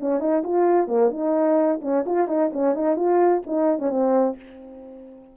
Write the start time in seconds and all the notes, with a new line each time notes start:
0.00 C#4
0.20 D#4
0.44 F4
0.88 A#3
1.11 D#4
1.82 C#4
2.06 F4
2.28 D#4
2.53 C#4
2.74 D#4
2.96 F4
3.46 D#4
3.79 C#4
3.90 C4